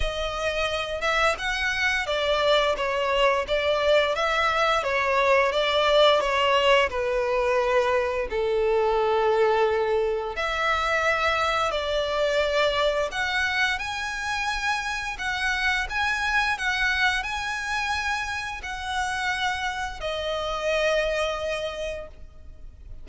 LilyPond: \new Staff \with { instrumentName = "violin" } { \time 4/4 \tempo 4 = 87 dis''4. e''8 fis''4 d''4 | cis''4 d''4 e''4 cis''4 | d''4 cis''4 b'2 | a'2. e''4~ |
e''4 d''2 fis''4 | gis''2 fis''4 gis''4 | fis''4 gis''2 fis''4~ | fis''4 dis''2. | }